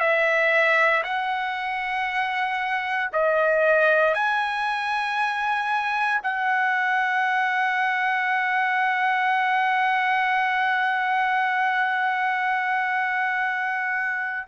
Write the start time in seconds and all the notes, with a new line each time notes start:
0.00 E5
1.04 F#5
3.13 D#5
4.15 G#5
6.24 F#5